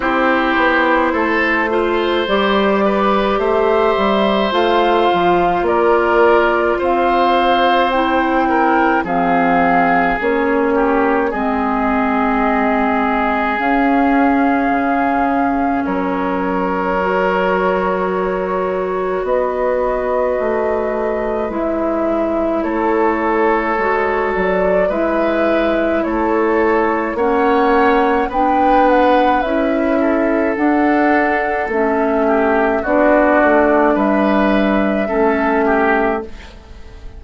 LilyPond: <<
  \new Staff \with { instrumentName = "flute" } { \time 4/4 \tempo 4 = 53 c''2 d''4 e''4 | f''4 d''4 f''4 g''4 | f''4 cis''4 dis''2 | f''2 cis''2~ |
cis''4 dis''2 e''4 | cis''4. d''8 e''4 cis''4 | fis''4 g''8 fis''8 e''4 fis''4 | e''4 d''4 e''2 | }
  \new Staff \with { instrumentName = "oboe" } { \time 4/4 g'4 a'8 c''4 b'8 c''4~ | c''4 ais'4 c''4. ais'8 | gis'4. g'8 gis'2~ | gis'2 ais'2~ |
ais'4 b'2. | a'2 b'4 a'4 | cis''4 b'4. a'4.~ | a'8 g'8 fis'4 b'4 a'8 g'8 | }
  \new Staff \with { instrumentName = "clarinet" } { \time 4/4 e'4. f'8 g'2 | f'2. e'4 | c'4 cis'4 c'2 | cis'2. fis'4~ |
fis'2. e'4~ | e'4 fis'4 e'2 | cis'4 d'4 e'4 d'4 | cis'4 d'2 cis'4 | }
  \new Staff \with { instrumentName = "bassoon" } { \time 4/4 c'8 b8 a4 g4 a8 g8 | a8 f8 ais4 c'2 | f4 ais4 gis2 | cis'4 cis4 fis2~ |
fis4 b4 a4 gis4 | a4 gis8 fis8 gis4 a4 | ais4 b4 cis'4 d'4 | a4 b8 a8 g4 a4 | }
>>